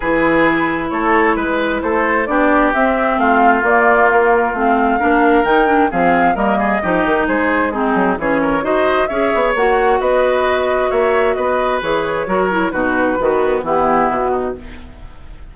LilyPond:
<<
  \new Staff \with { instrumentName = "flute" } { \time 4/4 \tempo 4 = 132 b'2 cis''4 b'4 | c''4 d''4 e''4 f''4 | d''4 ais'4 f''2 | g''4 f''4 dis''2 |
c''4 gis'4 cis''4 dis''4 | e''4 fis''4 dis''2 | e''4 dis''4 cis''2 | b'2 g'4 fis'4 | }
  \new Staff \with { instrumentName = "oboe" } { \time 4/4 gis'2 a'4 b'4 | a'4 g'2 f'4~ | f'2. ais'4~ | ais'4 gis'4 ais'8 gis'8 g'4 |
gis'4 dis'4 gis'8 ais'8 c''4 | cis''2 b'2 | cis''4 b'2 ais'4 | fis'4 b4 e'4. dis'8 | }
  \new Staff \with { instrumentName = "clarinet" } { \time 4/4 e'1~ | e'4 d'4 c'2 | ais2 c'4 d'4 | dis'8 d'8 c'4 ais4 dis'4~ |
dis'4 c'4 cis'4 fis'4 | gis'4 fis'2.~ | fis'2 gis'4 fis'8 e'8 | dis'4 fis'4 b2 | }
  \new Staff \with { instrumentName = "bassoon" } { \time 4/4 e2 a4 gis4 | a4 b4 c'4 a4 | ais2 a4 ais4 | dis4 f4 g4 f8 dis8 |
gis4. fis8 e4 dis'4 | cis'8 b8 ais4 b2 | ais4 b4 e4 fis4 | b,4 dis4 e4 b,4 | }
>>